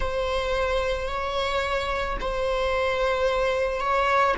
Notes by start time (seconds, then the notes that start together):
0.00 C5
1.08 C#5
2.20 C5
3.80 C#5